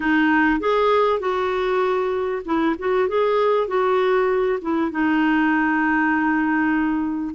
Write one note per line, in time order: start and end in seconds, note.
0.00 0.60 D#4
0.60 1.19 G#4
1.19 2.42 F#4
2.45 2.76 E4
2.79 3.08 F#4
3.08 3.67 G#4
3.67 4.59 F#4
4.61 4.91 E4
4.91 7.35 D#4